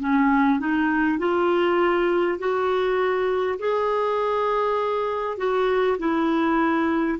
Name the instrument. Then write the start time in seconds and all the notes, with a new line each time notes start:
clarinet
0.00 C#4
0.59 D#4
1.19 F4
2.38 F#4
3.59 G#4
5.37 F#4
5.99 E4